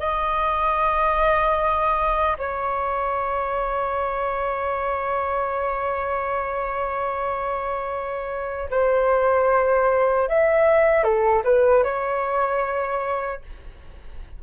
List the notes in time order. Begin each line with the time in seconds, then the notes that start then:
0.00 D#5
2.38 C#5
8.71 C5
10.28 E5
11.04 A4
11.44 B4
11.84 C#5